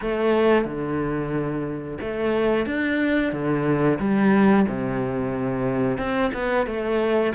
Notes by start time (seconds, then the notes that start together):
0.01 A3
0.65 D3
2.01 A3
2.65 D4
3.32 D3
3.99 G3
4.68 C3
5.98 C4
6.33 B3
6.66 A3